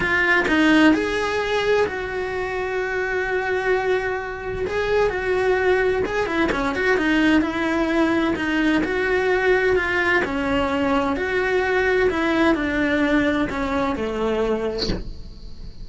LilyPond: \new Staff \with { instrumentName = "cello" } { \time 4/4 \tempo 4 = 129 f'4 dis'4 gis'2 | fis'1~ | fis'2 gis'4 fis'4~ | fis'4 gis'8 e'8 cis'8 fis'8 dis'4 |
e'2 dis'4 fis'4~ | fis'4 f'4 cis'2 | fis'2 e'4 d'4~ | d'4 cis'4 a2 | }